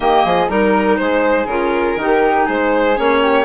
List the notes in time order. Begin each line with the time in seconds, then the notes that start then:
0.00 D#3 A#3 G4 D#5
0.24 F3 G#4
0.48 G3 D#4 A#4
0.97 G#3 G#4 C5
1.46 C#3 F4 A#4
1.96 D#3 D#4 G4
2.45 G#3 G#4 C5
2.96 A#3 C#4 C#5
3.21 G4